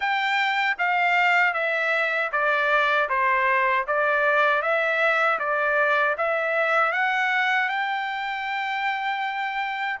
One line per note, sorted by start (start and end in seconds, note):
0.00 0.77 G5
0.78 1.53 F5
1.53 2.30 E5
2.31 3.08 D5
3.09 3.86 C5
3.87 4.62 D5
4.62 5.38 E5
5.39 6.16 D5
6.17 6.92 E5
6.92 7.69 F#5
7.69 9.99 G5